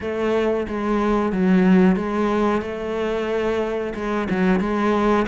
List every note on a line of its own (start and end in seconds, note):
0.01 0.67 A3
0.67 1.32 G#3
1.32 1.95 F#3
1.95 2.61 G#3
2.61 3.93 A3
3.94 4.27 G#3
4.29 4.59 F#3
4.59 5.25 G#3